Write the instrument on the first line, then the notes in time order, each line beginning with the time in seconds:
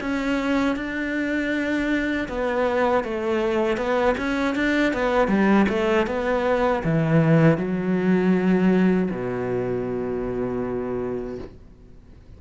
cello
0.00 C#4
0.76 D4
2.28 B3
3.03 A3
3.77 B3
4.17 C#4
4.55 D4
4.93 B3
5.28 G3
5.69 A3
6.07 B3
6.84 E3
7.57 F#3
9.10 B2